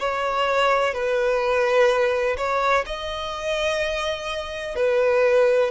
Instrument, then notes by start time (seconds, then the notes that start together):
violin
0.00 C#5
0.94 B4
2.38 C#5
2.87 D#5
4.76 B4